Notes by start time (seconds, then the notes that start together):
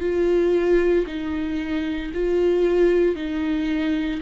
0.00 F4
1.06 D#4
2.14 F4
3.15 D#4